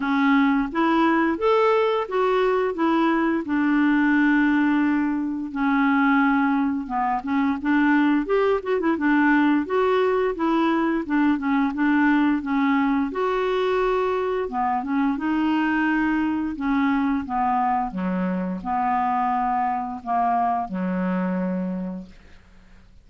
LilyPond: \new Staff \with { instrumentName = "clarinet" } { \time 4/4 \tempo 4 = 87 cis'4 e'4 a'4 fis'4 | e'4 d'2. | cis'2 b8 cis'8 d'4 | g'8 fis'16 e'16 d'4 fis'4 e'4 |
d'8 cis'8 d'4 cis'4 fis'4~ | fis'4 b8 cis'8 dis'2 | cis'4 b4 fis4 b4~ | b4 ais4 fis2 | }